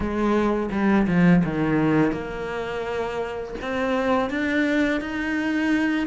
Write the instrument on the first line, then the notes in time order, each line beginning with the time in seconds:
cello
0.00 G#3
0.71 G3
1.07 F3
1.44 D#3
2.12 A#3
3.61 C4
4.30 D4
5.00 D#4